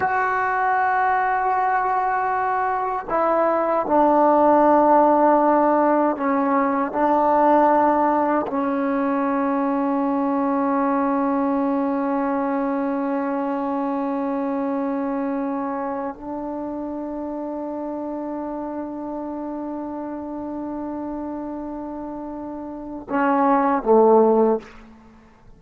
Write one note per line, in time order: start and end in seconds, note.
0.00 3.06 F#4
3.09 3.86 E4
3.86 6.16 D4
6.16 6.92 C#4
6.92 8.45 D4
8.47 16.15 C#4
16.15 23.07 D4
23.09 23.83 C#4
23.83 24.59 A3